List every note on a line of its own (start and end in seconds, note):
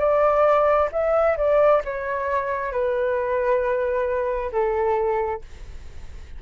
0.00 0.90 D5
0.93 1.38 E5
1.38 1.82 D5
1.85 2.72 C#5
2.72 4.51 B4
4.53 5.42 A4